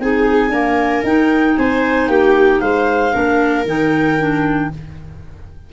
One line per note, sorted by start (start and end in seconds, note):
0.00 0.49 C4
0.00 0.50 D#4
0.00 0.52 G#4
0.00 1.04 G#5
0.49 1.02 A#3
0.49 1.01 D4
0.49 1.56 A#4
1.03 1.55 D#4
1.03 3.12 D#4
1.03 1.57 G5
1.57 2.08 C4
1.57 2.09 C5
1.57 2.08 G#5
2.08 2.60 A#3
2.08 2.61 G4
2.08 2.60 G5
2.60 3.14 G#3
2.60 3.13 C5
2.60 3.64 F5
3.12 3.65 A#3
3.12 3.64 D4
3.12 4.70 A#4
3.65 4.69 D#3
3.65 4.18 D#4
3.65 4.72 G5
4.18 4.70 D4